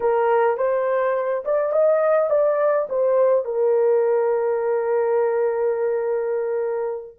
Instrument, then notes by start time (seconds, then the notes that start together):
horn
0.00 A#4
0.57 C5
1.44 D5
1.72 D#5
2.29 D5
2.89 C5
3.45 A#4